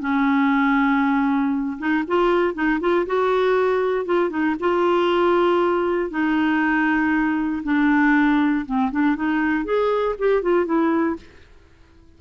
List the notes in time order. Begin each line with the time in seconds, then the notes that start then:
0.00 C#4
1.79 D#4
2.07 F4
2.54 D#4
2.80 F4
3.06 F#4
4.05 F4
4.30 D#4
4.60 F4
6.10 D#4
7.64 D4
8.66 C4
8.91 D4
9.16 D#4
9.65 G#4
10.19 G4
10.42 F4
10.65 E4